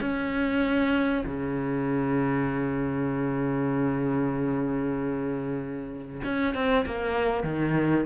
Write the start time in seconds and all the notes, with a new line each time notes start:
0.00 C#4
1.26 C#3
6.24 C#4
6.54 C4
6.85 A#3
7.43 D#3